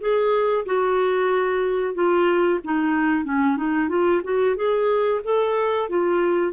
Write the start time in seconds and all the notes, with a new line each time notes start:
0.00 G#4
0.66 F#4
1.94 F4
2.64 D#4
3.25 C#4
3.57 D#4
3.89 F4
4.24 F#4
4.56 G#4
5.24 A4
5.89 F4